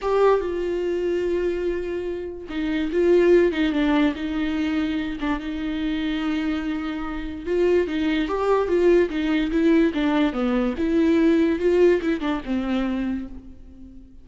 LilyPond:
\new Staff \with { instrumentName = "viola" } { \time 4/4 \tempo 4 = 145 g'4 f'2.~ | f'2 dis'4 f'4~ | f'8 dis'8 d'4 dis'2~ | dis'8 d'8 dis'2.~ |
dis'2 f'4 dis'4 | g'4 f'4 dis'4 e'4 | d'4 b4 e'2 | f'4 e'8 d'8 c'2 | }